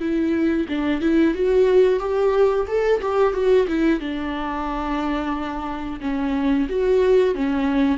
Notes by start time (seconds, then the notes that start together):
0.00 E4
0.69 D4
1.01 E4
1.34 F#4
2.00 G4
2.67 A4
3.02 G4
3.34 F#4
3.67 E4
4.00 D4
6.01 C#4
6.69 F#4
7.35 C#4